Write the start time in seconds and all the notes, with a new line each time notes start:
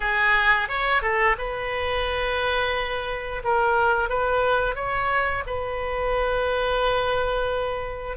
0.00 G#4
0.68 C#5
1.02 A4
1.38 B4
3.43 A#4
4.09 B4
4.75 C#5
5.46 B4